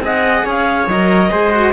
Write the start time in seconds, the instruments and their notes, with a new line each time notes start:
0.00 cello C4 G#4, trumpet D#5, clarinet F#5
0.45 cello C#4, trumpet C#5, clarinet F5
0.87 cello F#3 A#4, clarinet D#5
1.31 cello G#3 G#4, trumpet C5
1.51 cello F#4